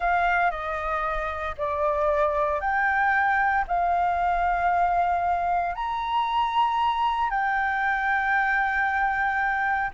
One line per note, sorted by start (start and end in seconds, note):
0.00 0.50 F5
0.50 1.55 D#5
1.57 2.60 D5
2.60 3.64 G5
3.67 5.75 F5
5.75 7.30 A#5
7.30 9.91 G5